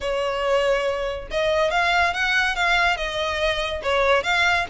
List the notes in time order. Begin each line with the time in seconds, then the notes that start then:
0.00 C#5
1.30 D#5
1.70 F5
2.13 F#5
2.55 F5
2.96 D#5
3.82 C#5
4.23 F5